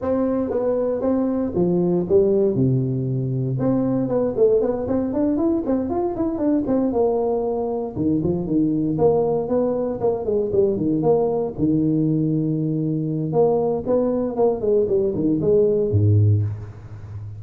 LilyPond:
\new Staff \with { instrumentName = "tuba" } { \time 4/4 \tempo 4 = 117 c'4 b4 c'4 f4 | g4 c2 c'4 | b8 a8 b8 c'8 d'8 e'8 c'8 f'8 | e'8 d'8 c'8 ais2 dis8 |
f8 dis4 ais4 b4 ais8 | gis8 g8 dis8 ais4 dis4.~ | dis2 ais4 b4 | ais8 gis8 g8 dis8 gis4 gis,4 | }